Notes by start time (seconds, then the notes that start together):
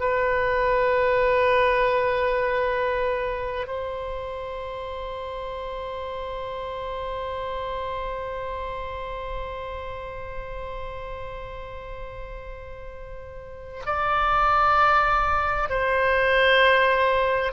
0.00 B4
3.67 C5
13.86 D5
15.70 C5